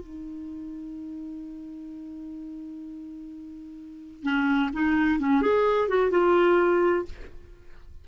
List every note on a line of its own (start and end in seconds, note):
0.00 4.23 D#4
4.23 4.70 C#4
4.73 5.19 D#4
5.19 5.42 C#4
5.42 5.89 G#4
5.89 6.11 F#4
6.11 7.05 F4